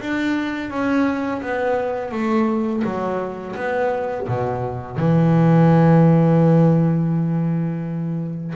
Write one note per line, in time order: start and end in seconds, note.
0.00 0.70 D4
0.70 1.42 C#4
1.42 2.12 B3
2.12 2.83 A3
2.84 3.56 F#3
3.56 4.27 B3
4.28 4.97 B2
4.97 8.54 E3